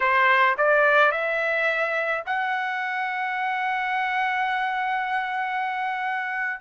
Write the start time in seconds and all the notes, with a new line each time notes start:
0.00 C5
0.57 D5
1.11 E5
2.26 F#5